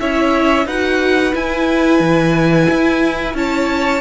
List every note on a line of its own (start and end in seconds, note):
0.00 0.66 C#4
0.00 0.67 E4
0.00 0.66 C#5
0.00 0.68 E5
0.66 1.34 D#4
0.66 1.33 F#4
0.66 3.36 B4
0.66 1.35 F#5
1.33 4.01 E4
1.33 2.00 E4
1.33 3.37 G#5
2.00 2.68 E3
2.71 3.35 E4
3.35 4.01 C#4
3.35 4.01 C#5
3.35 4.01 A5